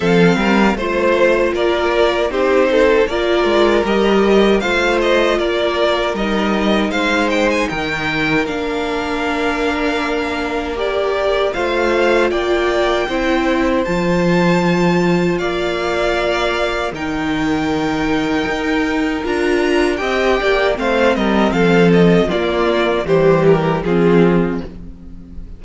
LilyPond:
<<
  \new Staff \with { instrumentName = "violin" } { \time 4/4 \tempo 4 = 78 f''4 c''4 d''4 c''4 | d''4 dis''4 f''8 dis''8 d''4 | dis''4 f''8 g''16 gis''16 g''4 f''4~ | f''2 d''4 f''4 |
g''2 a''2 | f''2 g''2~ | g''4 ais''4 g''4 f''8 dis''8 | f''8 dis''8 d''4 c''8 ais'8 gis'4 | }
  \new Staff \with { instrumentName = "violin" } { \time 4/4 a'8 ais'8 c''4 ais'4 g'8 a'8 | ais'2 c''4 ais'4~ | ais'4 c''4 ais'2~ | ais'2. c''4 |
d''4 c''2. | d''2 ais'2~ | ais'2 dis''8 d''8 c''8 ais'8 | a'4 f'4 g'4 f'4 | }
  \new Staff \with { instrumentName = "viola" } { \time 4/4 c'4 f'2 dis'4 | f'4 g'4 f'2 | dis'2. d'4~ | d'2 g'4 f'4~ |
f'4 e'4 f'2~ | f'2 dis'2~ | dis'4 f'4 g'4 c'4~ | c'4 ais4 g4 c'4 | }
  \new Staff \with { instrumentName = "cello" } { \time 4/4 f8 g8 a4 ais4 c'4 | ais8 gis8 g4 a4 ais4 | g4 gis4 dis4 ais4~ | ais2. a4 |
ais4 c'4 f2 | ais2 dis2 | dis'4 d'4 c'8 ais8 a8 g8 | f4 ais4 e4 f4 | }
>>